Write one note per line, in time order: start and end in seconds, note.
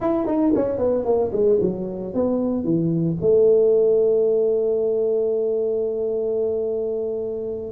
0.00 0.26 E4
0.26 0.52 D#4
0.55 0.78 C#4
0.78 1.04 B3
1.04 1.31 A#3
1.32 1.59 G#3
1.60 2.14 F#3
2.14 2.64 B3
2.64 3.17 E3
3.21 7.72 A3